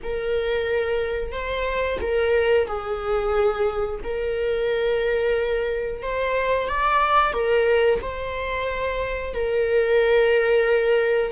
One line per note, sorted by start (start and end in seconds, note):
0.03 1.32 A#4
1.32 1.98 C5
2.01 2.67 A#4
2.67 4.00 G#4
4.03 6.02 A#4
6.02 6.68 C5
6.68 7.33 D5
7.33 7.99 A#4
8.01 9.33 C5
9.33 11.31 A#4